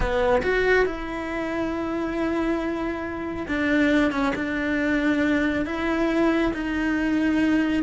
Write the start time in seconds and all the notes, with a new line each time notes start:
0.00 B3
0.42 F#4
0.85 E4
3.47 D4
4.11 C#4
4.35 D4
5.65 E4
6.53 D#4